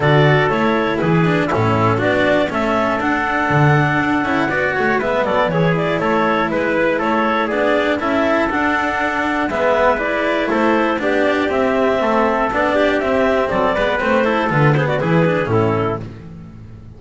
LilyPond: <<
  \new Staff \with { instrumentName = "clarinet" } { \time 4/4 \tempo 4 = 120 d''4 cis''4 b'4 a'4 | d''4 e''4 fis''2~ | fis''2 e''8 d''8 cis''8 d''8 | cis''4 b'4 cis''4 d''4 |
e''4 fis''2 e''4 | d''4 c''4 d''4 e''4~ | e''4 d''4 e''4 d''4 | c''4 b'8 c''16 d''16 b'4 a'4 | }
  \new Staff \with { instrumentName = "trumpet" } { \time 4/4 a'2 gis'4 e'4 | fis'4 a'2.~ | a'4 d''8 cis''8 b'8 a'8 gis'4 | a'4 b'4 a'4 gis'4 |
a'2. b'4~ | b'4 a'4 g'2 | a'4. g'4. a'8 b'8~ | b'8 a'4 gis'16 fis'16 gis'4 e'4 | }
  \new Staff \with { instrumentName = "cello" } { \time 4/4 fis'4 e'4. d'8 cis'4 | d'4 cis'4 d'2~ | d'8 e'8 fis'4 b4 e'4~ | e'2. d'4 |
e'4 d'2 b4 | e'2 d'4 c'4~ | c'4 d'4 c'4. b8 | c'8 e'8 f'8 b8 e'8 d'8 cis'4 | }
  \new Staff \with { instrumentName = "double bass" } { \time 4/4 d4 a4 e4 a,4 | b4 a4 d'4 d4 | d'8 cis'8 b8 a8 gis8 fis8 e4 | a4 gis4 a4 b4 |
cis'4 d'2 gis4~ | gis4 a4 b4 c'4 | a4 b4 c'4 fis8 gis8 | a4 d4 e4 a,4 | }
>>